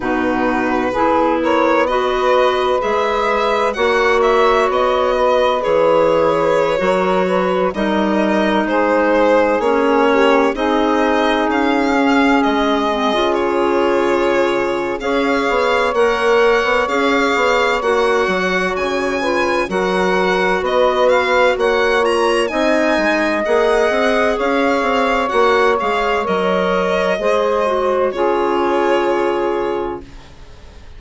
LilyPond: <<
  \new Staff \with { instrumentName = "violin" } { \time 4/4 \tempo 4 = 64 b'4. cis''8 dis''4 e''4 | fis''8 e''8 dis''4 cis''2~ | cis''16 dis''4 c''4 cis''4 dis''8.~ | dis''16 f''4 dis''4 cis''4.~ cis''16 |
f''4 fis''4 f''4 fis''4 | gis''4 fis''4 dis''8 f''8 fis''8 ais''8 | gis''4 fis''4 f''4 fis''8 f''8 | dis''2 cis''2 | }
  \new Staff \with { instrumentName = "saxophone" } { \time 4/4 fis'4 gis'8 ais'8 b'2 | cis''4. b'4.~ b'16 ais'8 b'16~ | b'16 ais'4 gis'4. g'8 gis'8.~ | gis'1 |
cis''1~ | cis''8 b'8 ais'4 b'4 cis''4 | dis''2 cis''2~ | cis''4 c''4 gis'2 | }
  \new Staff \with { instrumentName = "clarinet" } { \time 4/4 dis'4 e'4 fis'4 gis'4 | fis'2 gis'4~ gis'16 fis'8.~ | fis'16 dis'2 cis'4 dis'8.~ | dis'8. cis'4 c'16 f'2 |
gis'4 ais'4 gis'4 fis'4~ | fis'8 f'8 fis'2~ fis'8 f'8 | dis'4 gis'2 fis'8 gis'8 | ais'4 gis'8 fis'8 f'2 | }
  \new Staff \with { instrumentName = "bassoon" } { \time 4/4 b,4 b2 gis4 | ais4 b4 e4~ e16 fis8.~ | fis16 g4 gis4 ais4 c'8.~ | c'16 cis'4 gis8. cis2 |
cis'8 b8 ais8. b16 cis'8 b8 ais8 fis8 | cis4 fis4 b4 ais4 | c'8 gis8 ais8 c'8 cis'8 c'8 ais8 gis8 | fis4 gis4 cis2 | }
>>